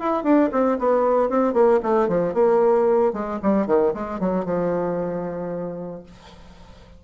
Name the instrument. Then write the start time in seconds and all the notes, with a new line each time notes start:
bassoon
0.00 E4
0.24 D4
0.52 C4
0.79 B3
1.30 C4
1.54 A#3
1.83 A3
2.09 F3
2.34 A#3
3.13 G#3
3.43 G3
3.67 D#3
3.94 G#3
4.20 F#3
4.45 F3